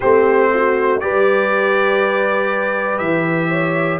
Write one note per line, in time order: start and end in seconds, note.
0.00 1.02 A3
0.00 1.00 C4
0.00 0.50 G4
0.00 1.00 C5
0.54 1.02 F#4
1.00 3.00 G3
1.00 3.99 G4
1.00 3.50 B4
1.00 2.98 D5
2.98 3.99 E3
2.98 3.98 E5
3.50 3.99 C#5